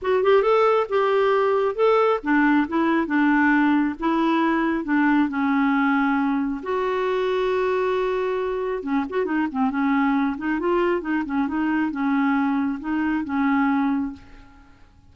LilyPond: \new Staff \with { instrumentName = "clarinet" } { \time 4/4 \tempo 4 = 136 fis'8 g'8 a'4 g'2 | a'4 d'4 e'4 d'4~ | d'4 e'2 d'4 | cis'2. fis'4~ |
fis'1 | cis'8 fis'8 dis'8 c'8 cis'4. dis'8 | f'4 dis'8 cis'8 dis'4 cis'4~ | cis'4 dis'4 cis'2 | }